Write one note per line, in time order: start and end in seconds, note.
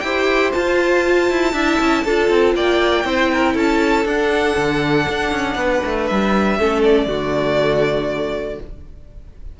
0.00 0.53 E4
0.00 0.53 G4
0.00 1.53 C5
0.00 0.50 G5
0.53 1.54 F4
0.53 1.30 F4
0.53 2.54 A5
1.30 1.53 E4
1.53 1.78 D4
1.53 2.05 E4
1.53 2.03 E5
1.80 2.05 C#4
2.04 2.30 D4
2.04 3.05 F4
2.04 2.55 A4
2.30 2.54 C4
2.54 3.04 A#3
2.54 3.06 D5
2.54 3.57 G5
3.04 3.55 C4
3.04 4.06 E4
3.04 3.31 C5
3.32 3.53 A#4
3.53 4.05 C#4
3.53 5.55 A4
3.53 4.07 A5
4.05 4.56 D4
4.05 6.59 D4
4.05 6.06 F#5
4.56 5.07 D3
5.08 5.32 D4
5.32 5.55 C#4
5.55 5.80 B3
5.55 6.58 B4
5.85 6.10 A3
6.06 6.59 G3
6.06 6.82 E5
6.58 7.06 A3
6.58 7.08 C#4
6.58 7.08 A4
6.83 8.60 D5
7.06 8.58 D3
7.06 8.60 A3
7.06 8.59 F#4